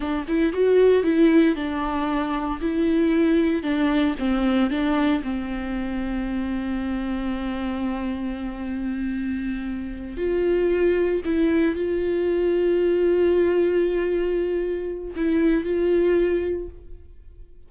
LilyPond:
\new Staff \with { instrumentName = "viola" } { \time 4/4 \tempo 4 = 115 d'8 e'8 fis'4 e'4 d'4~ | d'4 e'2 d'4 | c'4 d'4 c'2~ | c'1~ |
c'2.~ c'8 f'8~ | f'4. e'4 f'4.~ | f'1~ | f'4 e'4 f'2 | }